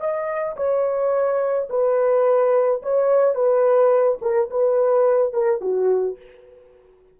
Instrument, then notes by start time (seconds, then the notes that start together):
horn
0.00 D#5
0.56 C#5
1.70 B4
2.82 C#5
3.35 B4
4.22 A#4
4.50 B4
5.33 A#4
5.61 F#4